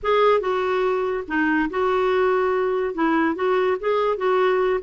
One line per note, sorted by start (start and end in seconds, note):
0.02 0.40 G#4
0.40 1.24 F#4
1.27 1.69 D#4
1.70 2.94 F#4
2.94 3.35 E4
3.35 3.77 F#4
3.80 4.17 G#4
4.17 4.79 F#4